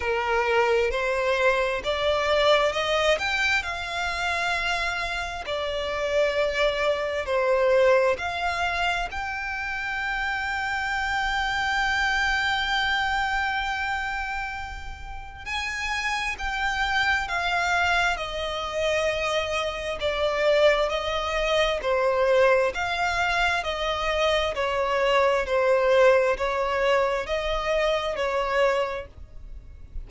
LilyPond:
\new Staff \with { instrumentName = "violin" } { \time 4/4 \tempo 4 = 66 ais'4 c''4 d''4 dis''8 g''8 | f''2 d''2 | c''4 f''4 g''2~ | g''1~ |
g''4 gis''4 g''4 f''4 | dis''2 d''4 dis''4 | c''4 f''4 dis''4 cis''4 | c''4 cis''4 dis''4 cis''4 | }